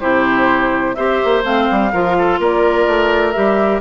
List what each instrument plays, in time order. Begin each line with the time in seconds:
0.00 bassoon C3, clarinet E4, oboe G4, flute C5
0.94 bassoon C4, clarinet G4, oboe C5, flute E5
1.24 bassoon A#3
1.43 bassoon A3, clarinet C4, flute F5
1.70 bassoon G3
1.92 bassoon F3, clarinet F4, oboe A#4
2.18 oboe A4
2.39 bassoon A#3, oboe A#4, flute D5
2.87 bassoon A3
3.32 bassoon G3, clarinet G4, flute E5